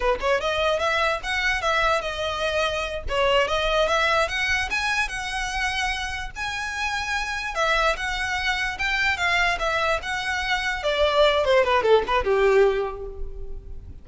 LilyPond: \new Staff \with { instrumentName = "violin" } { \time 4/4 \tempo 4 = 147 b'8 cis''8 dis''4 e''4 fis''4 | e''4 dis''2~ dis''8 cis''8~ | cis''8 dis''4 e''4 fis''4 gis''8~ | gis''8 fis''2. gis''8~ |
gis''2~ gis''8 e''4 fis''8~ | fis''4. g''4 f''4 e''8~ | e''8 fis''2 d''4. | c''8 b'8 a'8 b'8 g'2 | }